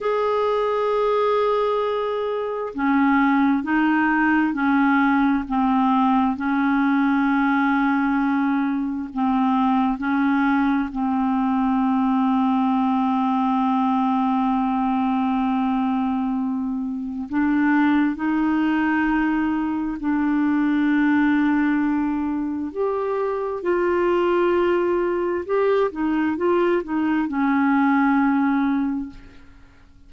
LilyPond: \new Staff \with { instrumentName = "clarinet" } { \time 4/4 \tempo 4 = 66 gis'2. cis'4 | dis'4 cis'4 c'4 cis'4~ | cis'2 c'4 cis'4 | c'1~ |
c'2. d'4 | dis'2 d'2~ | d'4 g'4 f'2 | g'8 dis'8 f'8 dis'8 cis'2 | }